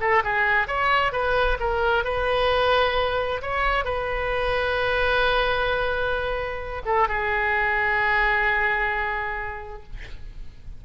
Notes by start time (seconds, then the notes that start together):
0.00 A4
0.24 G#4
0.67 C#5
1.12 B4
1.59 A#4
2.04 B4
3.42 C#5
3.84 B4
6.85 A4
7.08 G#4